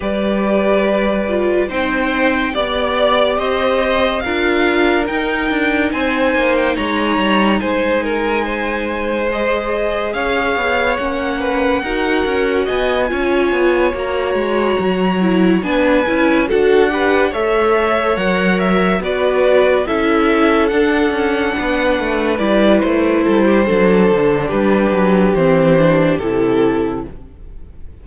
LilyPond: <<
  \new Staff \with { instrumentName = "violin" } { \time 4/4 \tempo 4 = 71 d''2 g''4 d''4 | dis''4 f''4 g''4 gis''8. g''16 | ais''4 gis''2 dis''4 | f''4 fis''2 gis''4~ |
gis''8 ais''2 gis''4 fis''8~ | fis''8 e''4 fis''8 e''8 d''4 e''8~ | e''8 fis''2 d''8 c''4~ | c''4 b'4 c''4 a'4 | }
  \new Staff \with { instrumentName = "violin" } { \time 4/4 b'2 c''4 d''4 | c''4 ais'2 c''4 | cis''4 c''8 ais'8 c''2 | cis''4. b'8 ais'4 dis''8 cis''8~ |
cis''2~ cis''8 b'4 a'8 | b'8 cis''2 b'4 a'8~ | a'4. b'2 a'16 g'16 | a'4 g'2. | }
  \new Staff \with { instrumentName = "viola" } { \time 4/4 g'4. f'8 dis'4 g'4~ | g'4 f'4 dis'2~ | dis'2. gis'4~ | gis'4 cis'4 fis'4. f'8~ |
f'8 fis'4. e'8 d'8 e'8 fis'8 | g'8 a'4 ais'4 fis'4 e'8~ | e'8 d'2 e'4. | d'2 c'8 d'8 e'4 | }
  \new Staff \with { instrumentName = "cello" } { \time 4/4 g2 c'4 b4 | c'4 d'4 dis'8 d'8 c'8 ais8 | gis8 g8 gis2. | cis'8 b8 ais4 dis'8 cis'8 b8 cis'8 |
b8 ais8 gis8 fis4 b8 cis'8 d'8~ | d'8 a4 fis4 b4 cis'8~ | cis'8 d'8 cis'8 b8 a8 g8 a8 g8 | fis8 d8 g8 fis8 e4 c4 | }
>>